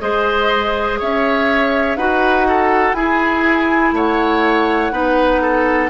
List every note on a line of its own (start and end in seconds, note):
0.00 1.00 G#3
0.00 1.97 G#4
0.00 0.99 C5
0.00 0.98 D#5
0.99 1.96 C#4
0.99 1.97 C#5
0.99 1.96 E5
1.96 2.93 D#4
1.96 2.95 F#4
1.96 2.47 B4
1.96 2.93 F#5
2.48 2.96 A4
2.93 3.91 E4
2.93 4.92 E4
2.93 3.94 G#4
2.93 3.92 G#5
3.92 4.91 A3
3.92 4.92 C#5
3.92 5.89 F#5
4.91 5.89 B3
4.91 5.89 D#4
4.91 5.41 B4
5.41 5.89 A4